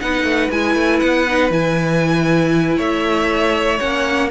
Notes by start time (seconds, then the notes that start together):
0.00 B3 D#4 B4 F#5
0.24 A3
0.50 G#3 E4 G#5
0.75 A3
0.99 B3 F#5
1.28 D#4
1.51 E3 E4 G#5
2.77 A3 C#5 E5
3.79 A#3 C#4 F#5